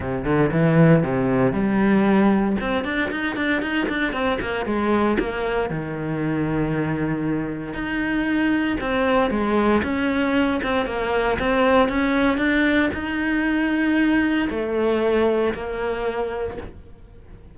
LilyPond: \new Staff \with { instrumentName = "cello" } { \time 4/4 \tempo 4 = 116 c8 d8 e4 c4 g4~ | g4 c'8 d'8 dis'8 d'8 dis'8 d'8 | c'8 ais8 gis4 ais4 dis4~ | dis2. dis'4~ |
dis'4 c'4 gis4 cis'4~ | cis'8 c'8 ais4 c'4 cis'4 | d'4 dis'2. | a2 ais2 | }